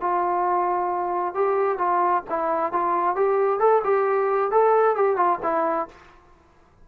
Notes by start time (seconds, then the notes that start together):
0.00 F4
1.34 G4
1.77 F4
2.29 E4
2.72 F4
3.15 G4
3.59 A4
3.84 G4
4.51 A4
4.95 G4
5.16 F4
5.42 E4